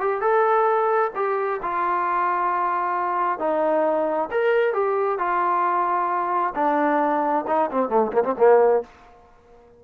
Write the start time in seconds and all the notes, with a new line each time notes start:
0.00 G4
0.21 A4
1.15 G4
1.62 F4
3.39 D#4
4.31 A#4
4.73 G4
5.18 F4
6.55 D4
7.47 D#4
7.71 C4
7.89 A3
8.12 A#3
8.24 C4
8.38 A#3